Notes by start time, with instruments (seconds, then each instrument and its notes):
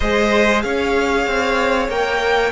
0.00 cello G#3, viola G#4, violin C5 D#5
0.61 cello C#4, violin C#5 F5
1.27 cello C4
1.88 cello A#3, viola A#4, violin G5